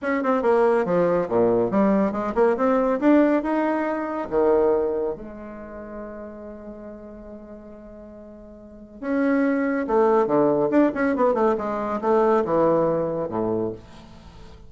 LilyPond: \new Staff \with { instrumentName = "bassoon" } { \time 4/4 \tempo 4 = 140 cis'8 c'8 ais4 f4 ais,4 | g4 gis8 ais8 c'4 d'4 | dis'2 dis2 | gis1~ |
gis1~ | gis4 cis'2 a4 | d4 d'8 cis'8 b8 a8 gis4 | a4 e2 a,4 | }